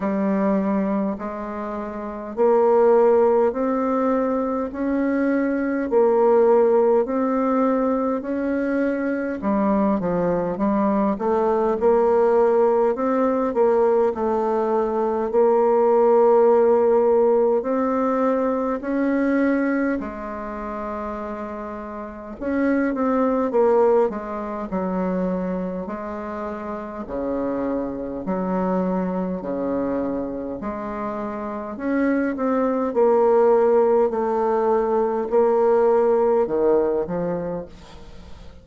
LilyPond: \new Staff \with { instrumentName = "bassoon" } { \time 4/4 \tempo 4 = 51 g4 gis4 ais4 c'4 | cis'4 ais4 c'4 cis'4 | g8 f8 g8 a8 ais4 c'8 ais8 | a4 ais2 c'4 |
cis'4 gis2 cis'8 c'8 | ais8 gis8 fis4 gis4 cis4 | fis4 cis4 gis4 cis'8 c'8 | ais4 a4 ais4 dis8 f8 | }